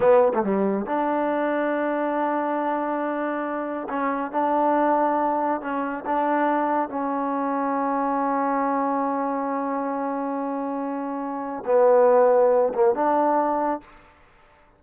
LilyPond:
\new Staff \with { instrumentName = "trombone" } { \time 4/4 \tempo 4 = 139 b8. a16 g4 d'2~ | d'1~ | d'4 cis'4 d'2~ | d'4 cis'4 d'2 |
cis'1~ | cis'1~ | cis'2. b4~ | b4. ais8 d'2 | }